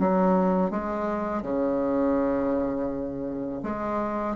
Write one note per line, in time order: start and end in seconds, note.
0.00 0.71 F#3
0.71 1.43 G#3
1.43 3.63 C#3
3.64 4.37 G#3